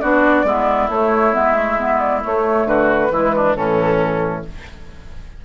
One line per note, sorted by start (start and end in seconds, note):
0.00 0.44 B3
0.00 0.45 D4
0.00 0.46 F#4
0.00 0.89 D5
0.44 0.88 G#3
0.44 0.90 B3
0.44 2.67 E4
0.89 1.33 A3
0.89 1.34 C#5
1.33 2.24 G#3
1.33 1.54 B3
1.33 1.99 E5
1.54 1.77 A3
1.79 2.21 B3
1.99 2.21 D5
2.21 3.10 A3
2.21 2.65 A3
2.21 2.67 C#5
2.65 3.10 D3
2.65 3.11 F#4
2.65 3.56 B4
3.10 3.55 E3
3.10 3.55 G#3
3.10 3.34 E4
3.35 3.56 D4
3.55 4.44 A2
3.55 4.44 E3
3.55 4.45 C#4
3.55 4.44 A4